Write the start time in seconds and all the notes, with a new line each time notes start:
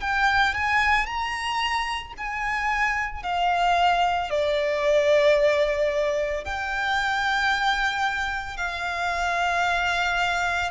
0.00 G5
0.54 G#5
1.06 A#5
2.17 G#5
3.23 F5
4.30 D5
6.44 G5
8.57 F5